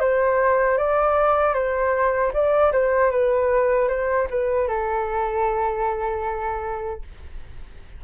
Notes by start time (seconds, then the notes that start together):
0.00 C5
0.78 D5
1.54 C5
2.33 D5
2.72 C5
3.11 B4
3.89 C5
4.30 B4
4.68 A4